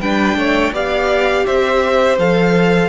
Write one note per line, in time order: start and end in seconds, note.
0.00 0.35 G3
0.00 0.73 D4
0.00 0.37 B4
0.00 0.72 G5
0.35 0.72 A3
0.35 0.73 C#5
0.72 1.44 B3
0.72 2.18 G4
0.72 1.45 D5
0.72 1.45 F5
1.45 2.18 C4
1.45 2.89 C5
1.45 2.18 E5
2.18 2.89 F3
2.18 2.89 A4
2.18 2.89 F5